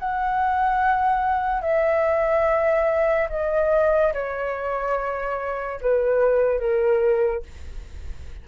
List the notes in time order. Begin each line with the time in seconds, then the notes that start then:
0.00 F#5
1.62 E5
3.30 D#5
4.14 C#5
5.82 B4
6.60 A#4